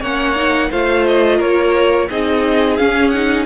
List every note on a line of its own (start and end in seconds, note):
0.00 0.70 A#3
0.00 0.36 C#4
0.00 0.69 C#5
0.00 0.72 F#5
0.36 0.70 D#4
0.71 1.40 A3
0.71 2.09 F4
0.71 1.37 C5
0.71 1.06 F5
1.07 1.41 D#5
1.37 2.09 A#3
1.37 2.06 A#4
1.37 2.09 C#5
2.10 2.79 C4
2.10 2.79 D#4
2.10 3.46 G#4
2.10 2.77 D#5
2.77 3.13 C#4
2.77 3.46 C#4
2.77 3.09 F5
3.09 3.46 D#4
3.09 3.44 F#5